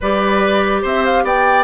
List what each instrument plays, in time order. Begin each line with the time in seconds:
0.00 bassoon G3, clarinet G4, oboe B4, flute D5
0.82 bassoon C4, oboe C5, flute E5
1.04 flute F5
1.23 bassoon B3, oboe D5, flute G5